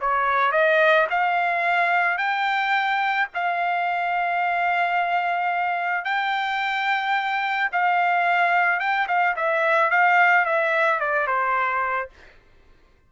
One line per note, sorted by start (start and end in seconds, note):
0.00 0.52 C#5
0.52 1.07 D#5
1.10 2.17 F5
2.17 3.27 G5
3.34 6.05 F5
6.05 7.70 G5
7.72 8.79 F5
8.79 9.07 G5
9.08 9.35 F5
9.36 9.90 E5
9.90 10.45 F5
10.45 10.99 E5
10.99 11.27 D5
11.27 12.09 C5